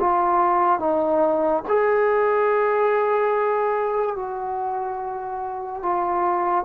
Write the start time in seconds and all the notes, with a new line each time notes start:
0.00 F4
0.80 D#4
1.69 G#4
4.16 F#4
5.83 F4